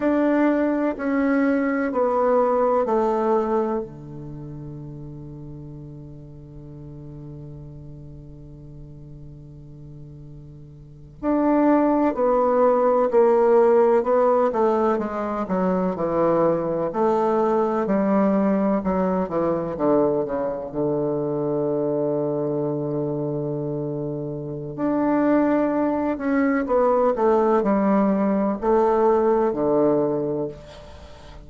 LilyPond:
\new Staff \with { instrumentName = "bassoon" } { \time 4/4 \tempo 4 = 63 d'4 cis'4 b4 a4 | d1~ | d2.~ d8. d'16~ | d'8. b4 ais4 b8 a8 gis16~ |
gis16 fis8 e4 a4 g4 fis16~ | fis16 e8 d8 cis8 d2~ d16~ | d2 d'4. cis'8 | b8 a8 g4 a4 d4 | }